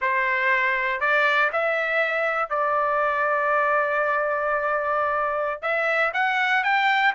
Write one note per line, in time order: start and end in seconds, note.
0.01 1.00 C5
1.00 1.50 D5
1.52 2.49 E5
2.49 5.62 D5
5.62 6.12 E5
6.13 6.63 F#5
6.63 7.13 G5